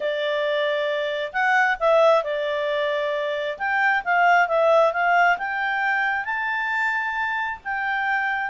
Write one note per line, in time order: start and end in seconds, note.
0.00 1.32 D5
1.32 1.77 F#5
1.79 2.23 E5
2.23 3.57 D5
3.58 4.03 G5
4.04 4.48 F5
4.48 4.92 E5
4.92 5.37 F5
5.38 6.24 G5
6.24 7.59 A5
7.64 8.50 G5